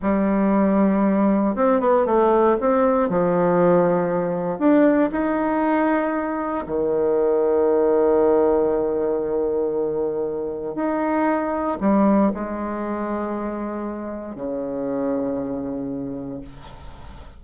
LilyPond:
\new Staff \with { instrumentName = "bassoon" } { \time 4/4 \tempo 4 = 117 g2. c'8 b8 | a4 c'4 f2~ | f4 d'4 dis'2~ | dis'4 dis2.~ |
dis1~ | dis4 dis'2 g4 | gis1 | cis1 | }